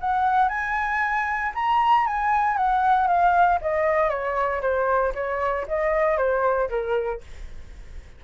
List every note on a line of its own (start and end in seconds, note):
0.00 0.48 F#5
0.48 1.52 G#5
1.54 2.06 A#5
2.06 2.57 G#5
2.57 3.07 F#5
3.07 3.59 F5
3.61 4.09 D#5
4.09 4.61 C#5
4.61 5.13 C5
5.14 5.66 C#5
5.68 6.17 D#5
6.17 6.69 C5
6.69 7.21 A#4